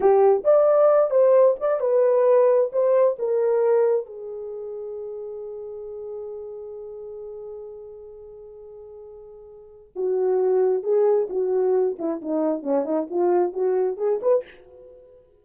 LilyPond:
\new Staff \with { instrumentName = "horn" } { \time 4/4 \tempo 4 = 133 g'4 d''4. c''4 d''8 | b'2 c''4 ais'4~ | ais'4 gis'2.~ | gis'1~ |
gis'1~ | gis'2 fis'2 | gis'4 fis'4. e'8 dis'4 | cis'8 dis'8 f'4 fis'4 gis'8 b'8 | }